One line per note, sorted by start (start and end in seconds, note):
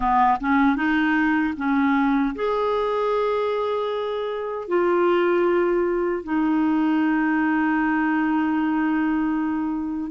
0.00 0.38 B3
0.40 0.75 C#4
0.75 1.53 D#4
1.56 2.34 C#4
2.35 4.68 G#4
4.68 6.23 F4
6.23 10.11 D#4